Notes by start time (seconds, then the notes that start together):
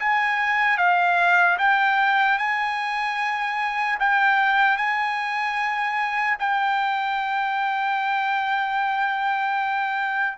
0.00 G#5
0.78 F5
1.59 G5
2.39 G#5
4.00 G5
4.77 G#5
6.39 G5